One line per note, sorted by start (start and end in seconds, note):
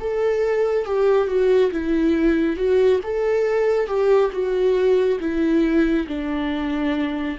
0.00 0.85 A4
0.85 1.27 G4
1.27 1.71 F#4
1.72 2.57 E4
2.57 3.00 F#4
3.03 3.87 A4
3.87 4.30 G4
4.32 5.19 F#4
5.20 6.07 E4
6.08 7.38 D4